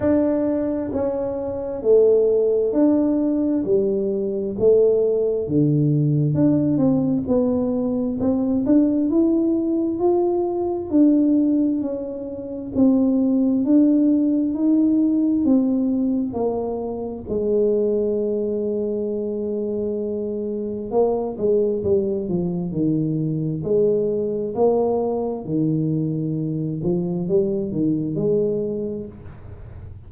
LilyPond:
\new Staff \with { instrumentName = "tuba" } { \time 4/4 \tempo 4 = 66 d'4 cis'4 a4 d'4 | g4 a4 d4 d'8 c'8 | b4 c'8 d'8 e'4 f'4 | d'4 cis'4 c'4 d'4 |
dis'4 c'4 ais4 gis4~ | gis2. ais8 gis8 | g8 f8 dis4 gis4 ais4 | dis4. f8 g8 dis8 gis4 | }